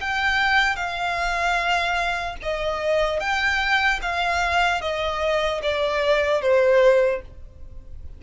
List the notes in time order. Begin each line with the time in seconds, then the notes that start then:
0.00 G5
0.76 F5
2.42 D#5
3.20 G5
4.02 F5
4.81 D#5
5.62 D5
6.41 C5